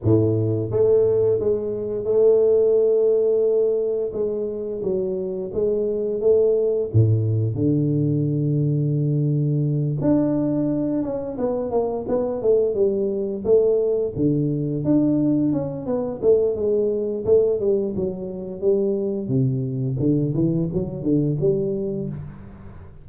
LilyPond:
\new Staff \with { instrumentName = "tuba" } { \time 4/4 \tempo 4 = 87 a,4 a4 gis4 a4~ | a2 gis4 fis4 | gis4 a4 a,4 d4~ | d2~ d8 d'4. |
cis'8 b8 ais8 b8 a8 g4 a8~ | a8 d4 d'4 cis'8 b8 a8 | gis4 a8 g8 fis4 g4 | c4 d8 e8 fis8 d8 g4 | }